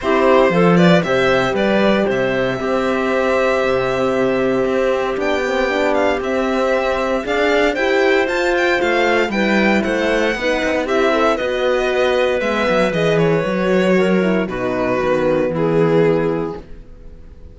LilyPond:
<<
  \new Staff \with { instrumentName = "violin" } { \time 4/4 \tempo 4 = 116 c''4. d''8 e''4 d''4 | e''1~ | e''2 g''4. f''8 | e''2 f''4 g''4 |
a''8 g''8 f''4 g''4 fis''4~ | fis''4 e''4 dis''2 | e''4 dis''8 cis''2~ cis''8 | b'2 gis'2 | }
  \new Staff \with { instrumentName = "clarinet" } { \time 4/4 g'4 a'8 b'8 c''4 b'4 | c''4 g'2.~ | g'1~ | g'2 d''4 c''4~ |
c''2 b'4 c''4 | b'4 g'8 a'8 b'2~ | b'2. ais'4 | fis'2 e'2 | }
  \new Staff \with { instrumentName = "horn" } { \time 4/4 e'4 f'4 g'2~ | g'4 c'2.~ | c'2 d'8 c'8 d'4 | c'2 gis'4 g'4 |
f'2 e'2 | dis'4 e'4 fis'2 | b4 gis'4 fis'4. e'8 | dis'4 b2. | }
  \new Staff \with { instrumentName = "cello" } { \time 4/4 c'4 f4 c4 g4 | c4 c'2 c4~ | c4 c'4 b2 | c'2 d'4 e'4 |
f'4 a4 g4 a4 | b8 c'16 b16 c'4 b2 | gis8 fis8 e4 fis2 | b,4 dis4 e2 | }
>>